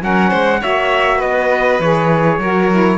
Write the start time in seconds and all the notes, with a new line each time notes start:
0.00 F#3 C#4 A#4 F#5
0.30 G#3 C5
0.61 A#3 F#4 C#5 E5
1.17 B3 B4 D#5
1.79 E3 G#4 C#5
2.38 F#3 F#4 A#4
2.70 E4